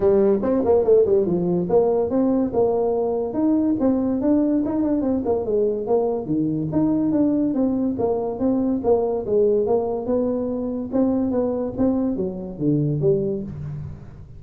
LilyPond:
\new Staff \with { instrumentName = "tuba" } { \time 4/4 \tempo 4 = 143 g4 c'8 ais8 a8 g8 f4 | ais4 c'4 ais2 | dis'4 c'4 d'4 dis'8 d'8 | c'8 ais8 gis4 ais4 dis4 |
dis'4 d'4 c'4 ais4 | c'4 ais4 gis4 ais4 | b2 c'4 b4 | c'4 fis4 d4 g4 | }